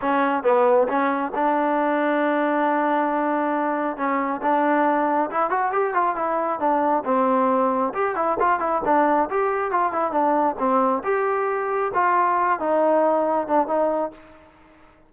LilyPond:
\new Staff \with { instrumentName = "trombone" } { \time 4/4 \tempo 4 = 136 cis'4 b4 cis'4 d'4~ | d'1~ | d'4 cis'4 d'2 | e'8 fis'8 g'8 f'8 e'4 d'4 |
c'2 g'8 e'8 f'8 e'8 | d'4 g'4 f'8 e'8 d'4 | c'4 g'2 f'4~ | f'8 dis'2 d'8 dis'4 | }